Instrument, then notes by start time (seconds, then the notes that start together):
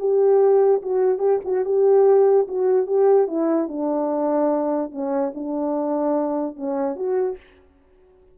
horn
0.00 G4
0.83 F#4
1.19 G4
1.45 F#4
1.66 G4
2.48 F#4
2.87 G4
3.28 E4
3.69 D4
4.92 C#4
5.35 D4
6.57 C#4
6.96 F#4